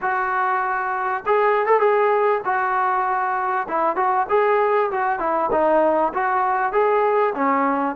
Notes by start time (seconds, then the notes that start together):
0.01 F#4
1.26 G#4
1.66 A4
1.79 G#4
2.44 F#4
3.68 E4
3.95 F#4
4.29 G#4
4.91 F#4
5.19 E4
5.51 D#4
6.13 F#4
6.72 G#4
7.34 C#4